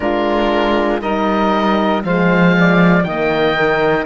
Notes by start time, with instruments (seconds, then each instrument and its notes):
0.00 cello G#3, horn D4, saxophone F4, oboe A#4
1.01 cello G3, horn D#4, saxophone A#4, oboe D#5
2.03 cello F3, horn G#3, saxophone C5, oboe F5
2.58 saxophone D5
3.03 cello D#3, horn A#3, saxophone D#5, oboe G5
3.56 horn A#4